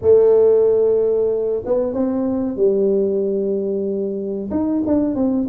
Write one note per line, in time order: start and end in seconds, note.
0.01 1.63 A3
1.65 1.93 B3
1.93 2.56 C4
2.56 4.50 G3
4.50 4.82 D#4
4.86 5.15 D4
5.15 5.47 C4